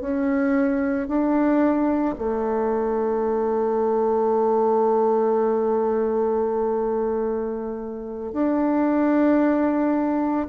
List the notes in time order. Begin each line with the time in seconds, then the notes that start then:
0.00 C#4
1.07 D4
2.18 A3
8.32 D4